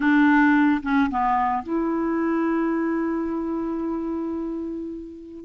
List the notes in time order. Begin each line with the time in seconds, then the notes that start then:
0.00 D4
0.82 C#4
1.10 B3
1.63 E4